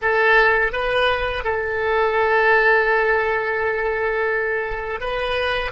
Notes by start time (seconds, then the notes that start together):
0.01 A4
0.72 B4
1.44 A4
5.00 B4